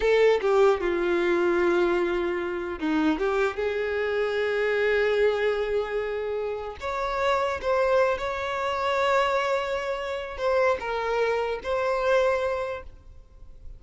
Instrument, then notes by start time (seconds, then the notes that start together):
violin
0.00 A4
0.41 G4
0.80 F4
2.79 D#4
3.18 G4
3.56 G#4
6.80 C#5
7.61 C5
8.18 C#5
10.37 C5
10.79 A#4
11.63 C5